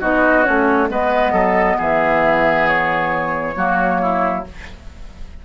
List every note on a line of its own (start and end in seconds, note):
0.00 0.46 B3
0.00 0.44 D#4
0.00 0.88 F#4
0.00 0.43 D#5
0.43 0.89 A3
0.43 0.88 C#4
0.43 0.87 C#5
0.89 1.32 G#3
0.89 3.53 B3
0.89 1.32 B4
0.89 1.79 D#5
1.32 1.76 F#3
1.32 1.76 A4
1.78 3.56 E3
1.78 3.54 G#4
1.78 2.68 E5
2.68 4.44 C#5
3.56 4.44 F#3
3.56 4.44 A#3
3.56 4.01 F#4
4.01 4.45 E4